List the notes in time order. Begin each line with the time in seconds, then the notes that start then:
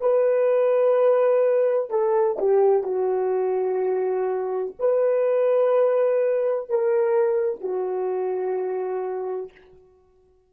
0.00 B4
1.90 A4
2.38 G4
2.83 F#4
4.79 B4
6.69 A#4
7.61 F#4